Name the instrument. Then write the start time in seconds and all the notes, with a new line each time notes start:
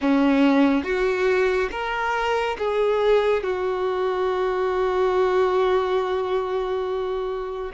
violin
0.01 C#4
0.83 F#4
1.71 A#4
2.58 G#4
3.43 F#4